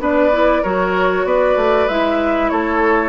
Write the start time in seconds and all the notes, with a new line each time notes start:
0.00 B3 D4 B4 D5
0.33 E4
0.63 F#3 F#4 A#4 C#5
1.25 B3 B4 D5
1.56 A3
1.88 G#3 E4 E5
2.50 A3 A4 C#5